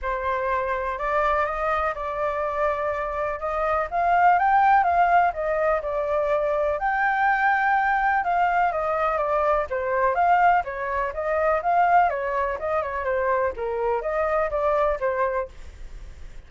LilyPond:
\new Staff \with { instrumentName = "flute" } { \time 4/4 \tempo 4 = 124 c''2 d''4 dis''4 | d''2. dis''4 | f''4 g''4 f''4 dis''4 | d''2 g''2~ |
g''4 f''4 dis''4 d''4 | c''4 f''4 cis''4 dis''4 | f''4 cis''4 dis''8 cis''8 c''4 | ais'4 dis''4 d''4 c''4 | }